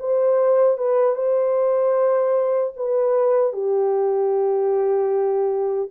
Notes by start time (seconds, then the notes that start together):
0.00 C5
0.78 B4
1.16 C5
2.77 B4
3.53 G4